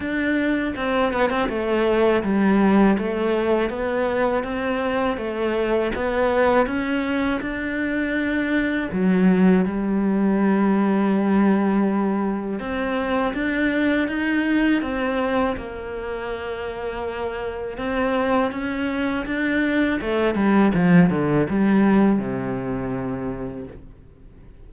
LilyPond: \new Staff \with { instrumentName = "cello" } { \time 4/4 \tempo 4 = 81 d'4 c'8 b16 c'16 a4 g4 | a4 b4 c'4 a4 | b4 cis'4 d'2 | fis4 g2.~ |
g4 c'4 d'4 dis'4 | c'4 ais2. | c'4 cis'4 d'4 a8 g8 | f8 d8 g4 c2 | }